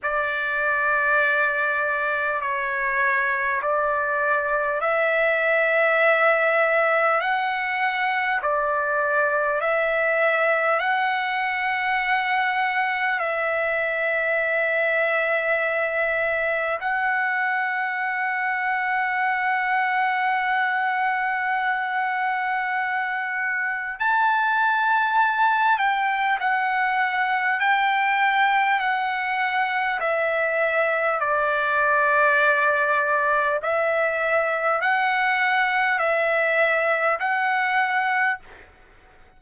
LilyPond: \new Staff \with { instrumentName = "trumpet" } { \time 4/4 \tempo 4 = 50 d''2 cis''4 d''4 | e''2 fis''4 d''4 | e''4 fis''2 e''4~ | e''2 fis''2~ |
fis''1 | a''4. g''8 fis''4 g''4 | fis''4 e''4 d''2 | e''4 fis''4 e''4 fis''4 | }